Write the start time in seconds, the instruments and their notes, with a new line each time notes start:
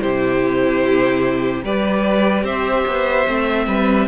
0.00 cello C3, viola E4, violin G4 C5
1.63 cello G3, viola G4, violin B4 D5
2.43 cello C4, violin C5 E5
2.86 cello B3
3.27 cello A3, viola C4
3.67 cello G3, violin B4